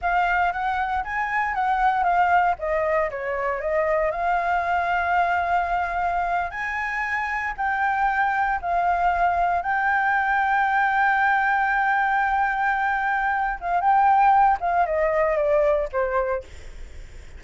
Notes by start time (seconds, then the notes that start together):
0.01 F5
0.52 F#5
1.04 G#5
1.54 F#5
2.03 F5
2.58 D#5
3.10 C#5
3.61 D#5
4.11 F5
6.51 G#5
7.57 G5
8.61 F5
9.62 G5
13.60 F5
13.80 G5
14.60 F5
14.86 D#5
15.37 D5
15.92 C5